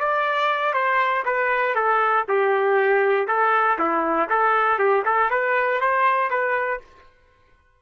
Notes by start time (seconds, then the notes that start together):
0.00 D5
0.73 C5
1.25 B4
1.75 A4
2.28 G4
3.28 A4
3.79 E4
4.29 A4
4.79 G4
5.05 A4
5.30 B4
5.81 C5
6.30 B4